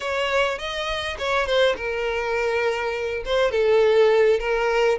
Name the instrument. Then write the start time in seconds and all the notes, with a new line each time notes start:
violin
0.00 C#5
0.58 D#5
1.18 C#5
1.46 C5
1.76 A#4
3.25 C5
3.51 A4
4.39 A#4